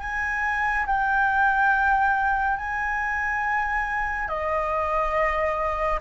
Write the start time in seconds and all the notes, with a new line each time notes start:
0.00 G#5
0.86 G5
2.57 G#5
4.28 D#5